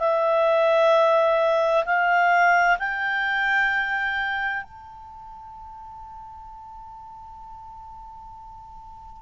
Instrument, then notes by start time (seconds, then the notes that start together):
clarinet
0.00 E5
1.85 F5
2.79 G5
4.64 A5